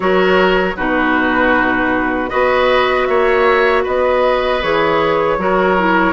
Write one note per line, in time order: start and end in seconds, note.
0.00 0.75 F#3
0.00 0.74 F#4
0.00 0.76 A#4
0.00 0.76 C#5
0.76 2.32 B2
0.76 2.29 D#4
0.76 2.29 F#4
0.76 2.29 B4
2.29 3.08 B3
2.29 4.59 F#4
2.29 3.06 B4
2.29 3.06 D#5
3.06 3.85 A#3
3.06 3.83 C#5
3.06 3.83 E5
3.83 4.63 B3
3.83 5.37 B4
3.83 4.62 D#5
4.62 5.37 E3
4.62 5.38 G#4
4.62 6.13 C#5
5.37 6.13 F#3
5.37 5.77 F#4
5.37 6.13 A#4
5.77 6.13 E4